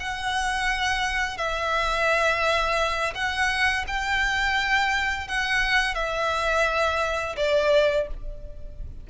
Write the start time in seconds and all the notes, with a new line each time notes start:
0.00 F#5
1.37 E5
3.14 F#5
3.88 G5
5.27 F#5
5.95 E5
7.37 D5